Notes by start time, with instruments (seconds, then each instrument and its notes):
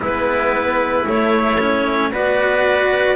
0.00 double bass G#3, cello B3, trumpet E4, clarinet B4
1.04 cello A3, double bass A3, clarinet C#5
1.59 cello C#4
2.12 double bass B3, cello F#4, trumpet B4, clarinet D5